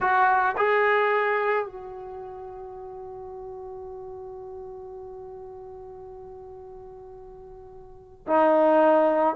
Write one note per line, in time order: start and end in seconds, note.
0.00 0.55 F#4
0.57 1.65 G#4
1.65 8.26 F#4
8.27 9.35 D#4